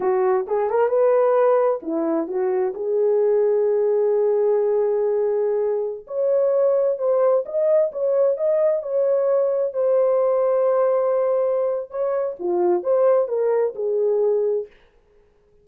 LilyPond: \new Staff \with { instrumentName = "horn" } { \time 4/4 \tempo 4 = 131 fis'4 gis'8 ais'8 b'2 | e'4 fis'4 gis'2~ | gis'1~ | gis'4~ gis'16 cis''2 c''8.~ |
c''16 dis''4 cis''4 dis''4 cis''8.~ | cis''4~ cis''16 c''2~ c''8.~ | c''2 cis''4 f'4 | c''4 ais'4 gis'2 | }